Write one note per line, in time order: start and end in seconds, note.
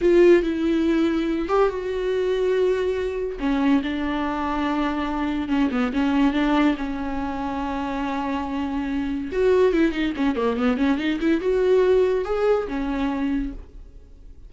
0.01 0.42 F4
0.42 1.48 E4
1.48 1.69 G4
1.69 3.38 F#4
3.39 3.81 C#4
3.82 5.48 D4
5.48 5.69 C#4
5.71 5.92 B3
5.93 6.33 C#4
6.33 6.75 D4
6.77 9.30 C#4
9.32 9.72 F#4
9.72 9.92 E4
9.92 10.13 D#4
10.16 10.35 C#4
10.35 10.56 A#3
10.56 10.77 B3
10.77 10.97 C#4
10.97 11.19 D#4
11.20 11.40 E4
11.40 12.24 F#4
12.24 12.67 G#4
12.67 13.52 C#4